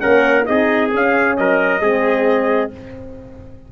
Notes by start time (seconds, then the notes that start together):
0.00 A#3 C#4 A#4 F#5
0.46 C4 D#4 G#4 D#5
0.94 C#4 F5
1.37 F#3 A#4 D#5
1.80 G#3 C4 G#4